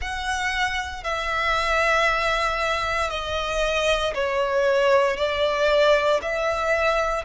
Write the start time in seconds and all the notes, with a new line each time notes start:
0.00 F#5
1.03 E5
3.10 D#5
4.14 C#5
5.17 D5
6.22 E5